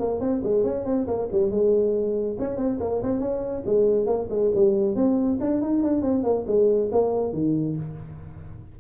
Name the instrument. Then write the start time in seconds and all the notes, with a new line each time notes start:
tuba
0.00 A#3
0.20 C4
0.44 G#3
0.64 C#4
0.85 C4
1.08 A#3
1.32 G3
1.51 G#3
2.39 C#4
2.57 C4
2.81 A#3
3.03 C4
3.21 C#4
3.66 G#3
4.07 A#3
4.30 G#3
4.55 G3
4.96 C4
5.41 D4
5.62 D#4
5.83 D4
6.02 C4
6.24 A#3
6.47 G#3
6.92 A#3
7.33 D#3